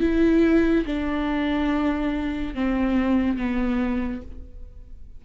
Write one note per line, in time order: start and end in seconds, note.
0.00 0.85 E4
0.85 2.54 D4
2.54 3.36 C4
3.36 4.21 B3